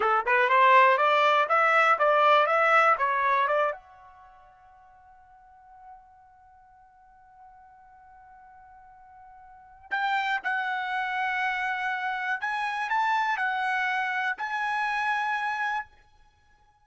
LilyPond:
\new Staff \with { instrumentName = "trumpet" } { \time 4/4 \tempo 4 = 121 a'8 b'8 c''4 d''4 e''4 | d''4 e''4 cis''4 d''8 fis''8~ | fis''1~ | fis''1~ |
fis''1 | g''4 fis''2.~ | fis''4 gis''4 a''4 fis''4~ | fis''4 gis''2. | }